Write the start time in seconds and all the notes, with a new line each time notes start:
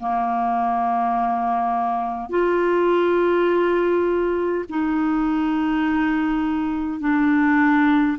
0.00 A#3
2.30 F4
4.70 D#4
7.00 D4